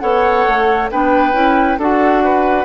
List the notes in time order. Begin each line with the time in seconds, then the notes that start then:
0.00 B3 A4 C#5 F#5
0.48 A3
0.92 B3 D4 B4 G5
1.33 C#4 E4
1.78 D4 F#4 A4 F#5
2.24 B4